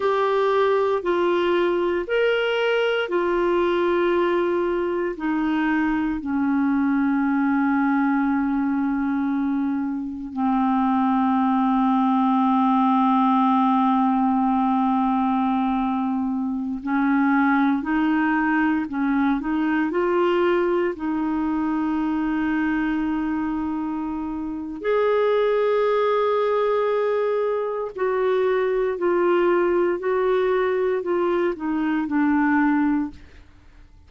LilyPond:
\new Staff \with { instrumentName = "clarinet" } { \time 4/4 \tempo 4 = 58 g'4 f'4 ais'4 f'4~ | f'4 dis'4 cis'2~ | cis'2 c'2~ | c'1~ |
c'16 cis'4 dis'4 cis'8 dis'8 f'8.~ | f'16 dis'2.~ dis'8. | gis'2. fis'4 | f'4 fis'4 f'8 dis'8 d'4 | }